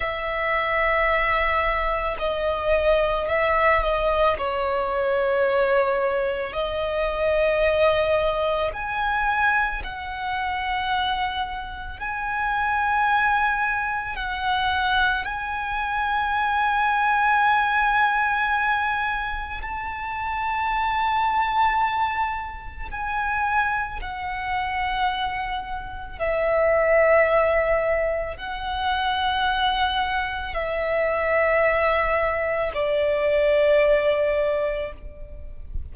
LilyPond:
\new Staff \with { instrumentName = "violin" } { \time 4/4 \tempo 4 = 55 e''2 dis''4 e''8 dis''8 | cis''2 dis''2 | gis''4 fis''2 gis''4~ | gis''4 fis''4 gis''2~ |
gis''2 a''2~ | a''4 gis''4 fis''2 | e''2 fis''2 | e''2 d''2 | }